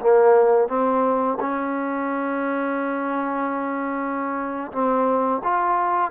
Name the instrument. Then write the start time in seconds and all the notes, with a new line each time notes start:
trombone
0.00 A#3
0.68 C4
1.40 C#4
4.72 C4
5.43 F4